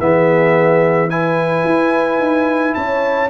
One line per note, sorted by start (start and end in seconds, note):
0.00 1.64 E3
0.00 1.10 B3
0.00 1.11 G#4
0.00 1.10 E5
1.10 3.30 E4
1.10 2.76 B4
1.10 2.75 G#5
1.64 2.19 E4
2.19 2.74 D#4
2.75 3.31 C#4
2.75 3.31 C#5
2.75 3.30 A5